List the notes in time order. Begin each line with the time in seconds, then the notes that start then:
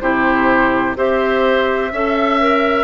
0.00 C3 E4 G4 C5
0.96 C4 G4 C5 E5
1.93 C#4 A4 E5
2.41 A#4